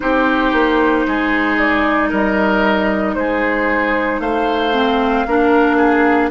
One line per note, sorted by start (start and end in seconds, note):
0.00 0.52 C4
0.00 4.73 D#4
0.00 1.06 G4
0.00 1.57 C5
0.52 1.05 A#3
1.07 2.11 G#3
1.07 2.09 G#4
1.57 2.10 D5
2.09 3.15 G3
2.09 3.14 A#4
2.09 3.14 D#5
3.14 4.19 G#3
3.14 4.21 G#4
3.14 4.20 C5
4.19 5.25 A3
4.19 5.26 C5
4.19 6.30 F5
4.73 5.26 C4
5.26 6.31 A#3
5.26 6.31 D4
5.26 5.77 A#4
5.77 6.29 G#4